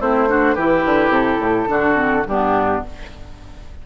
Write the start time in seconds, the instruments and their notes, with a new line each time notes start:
0.00 bassoon A3, clarinet C4, oboe E4, flute C5
0.28 clarinet D4, oboe F#4
0.55 bassoon E3, clarinet E4, oboe G4, flute B4
0.86 bassoon D3
1.09 bassoon C3, flute A4
1.40 bassoon A2
1.67 bassoon D3, clarinet D4, oboe F#4
1.95 clarinet C4
2.25 bassoon G2, clarinet B3, oboe D4, flute G4